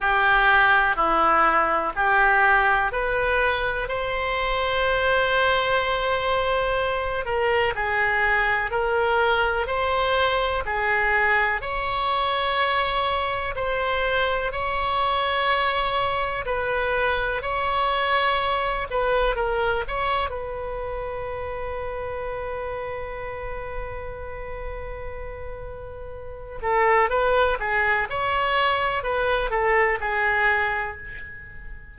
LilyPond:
\new Staff \with { instrumentName = "oboe" } { \time 4/4 \tempo 4 = 62 g'4 e'4 g'4 b'4 | c''2.~ c''8 ais'8 | gis'4 ais'4 c''4 gis'4 | cis''2 c''4 cis''4~ |
cis''4 b'4 cis''4. b'8 | ais'8 cis''8 b'2.~ | b'2.~ b'8 a'8 | b'8 gis'8 cis''4 b'8 a'8 gis'4 | }